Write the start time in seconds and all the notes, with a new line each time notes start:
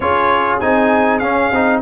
0.00 C#4 F4 G#4 C#5
0.60 C4 D#4 G#5
1.18 C#4 F5
1.51 C4 D#4